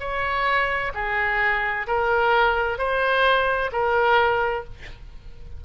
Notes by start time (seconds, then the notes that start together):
0.00 C#5
0.95 G#4
1.88 A#4
2.79 C5
3.73 A#4